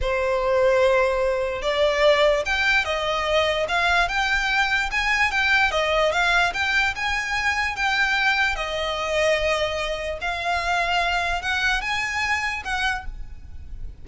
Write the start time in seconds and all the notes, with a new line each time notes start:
0.01 C5
1.62 D5
2.45 G5
2.84 D#5
3.68 F5
4.08 G5
4.91 G#5
5.31 G5
5.71 D#5
6.12 F5
6.53 G5
6.95 G#5
7.76 G5
8.55 D#5
10.21 F5
11.42 F#5
11.81 G#5
12.64 F#5